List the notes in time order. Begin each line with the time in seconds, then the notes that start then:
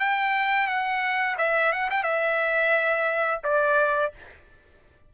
0.00 G5
0.67 F#5
1.38 E5
1.72 F#5
1.91 G5
2.03 E5
3.44 D5